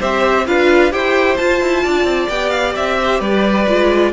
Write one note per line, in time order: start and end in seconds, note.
0.00 0.48 C4
0.00 0.46 G4
0.00 0.46 C5
0.00 0.47 E5
0.47 0.93 D4
0.47 0.92 F4
0.47 0.93 B4
0.47 0.93 F5
0.92 1.39 E4
0.92 1.37 G4
0.92 1.83 C5
0.92 1.37 G5
1.37 1.62 F4
1.37 2.32 F4
1.37 2.29 A5
1.62 1.85 E4
1.83 2.04 D4
1.83 2.98 D5
2.04 2.27 C4
2.29 2.75 B3
2.29 3.69 G4
2.29 2.50 G5
2.50 2.73 F5
2.76 3.21 C4
2.76 3.21 E5
3.02 3.20 C5
3.20 3.67 G3
3.20 4.12 B4
3.20 4.13 D5
3.68 4.13 G#3
3.68 4.13 F4